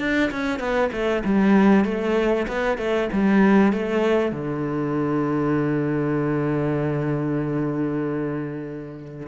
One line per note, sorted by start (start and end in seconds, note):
0.00 0.31 D4
0.31 0.60 C#4
0.60 0.91 B3
0.93 1.24 A3
1.25 1.85 G3
1.85 2.47 A3
2.48 2.78 B3
2.78 3.09 A3
3.13 3.73 G3
3.73 4.32 A3
4.32 9.27 D3